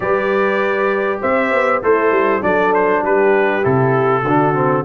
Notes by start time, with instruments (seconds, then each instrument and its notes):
0.00 tuba G3, trombone G4, horn B4, trumpet D5
1.20 tuba C4, horn C5, trumpet E5
1.51 tuba B3
1.82 tuba A3, horn E4, trombone A4, trumpet C5
2.11 tuba G3
2.41 tuba F#3, trombone D4, horn A4, trumpet D5
2.73 trumpet C5
3.01 tuba G3, horn G4, trumpet B4
3.62 tuba C3, trombone E4, trumpet A4
4.22 tuba D3, horn F#4
4.28 trombone D4
4.54 trombone C4